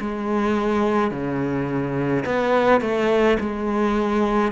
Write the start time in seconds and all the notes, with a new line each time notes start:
0.00 G#3
1.11 C#3
2.25 B3
2.81 A3
3.40 G#3